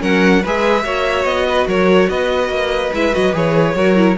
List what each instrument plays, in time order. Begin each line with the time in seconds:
0.00 cello F#3, viola C#4, violin A#4 F#5
0.42 cello G#3, viola G#4, violin B4 E5
0.84 cello A#3, viola F#4, violin C#5
1.25 cello B3, violin D#5
1.49 violin B4
1.67 cello F#3, violin A#4 C#5
2.10 cello B3, violin B4 D#5
2.49 cello A#3
2.93 cello G#3, viola E4, violin E5
3.12 cello F#3, viola F#4, violin D#5
3.33 cello E3, viola G#4, violin C#5
3.75 cello F#3, viola F#4, violin A#4
3.96 viola E4